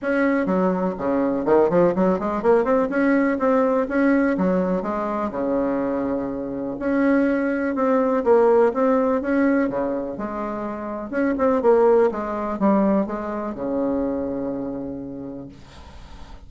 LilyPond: \new Staff \with { instrumentName = "bassoon" } { \time 4/4 \tempo 4 = 124 cis'4 fis4 cis4 dis8 f8 | fis8 gis8 ais8 c'8 cis'4 c'4 | cis'4 fis4 gis4 cis4~ | cis2 cis'2 |
c'4 ais4 c'4 cis'4 | cis4 gis2 cis'8 c'8 | ais4 gis4 g4 gis4 | cis1 | }